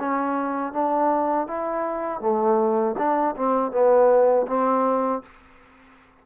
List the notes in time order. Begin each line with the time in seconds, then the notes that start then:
0.00 C#4
0.73 D4
1.48 E4
2.21 A3
2.98 D4
3.36 C4
3.72 B3
4.48 C4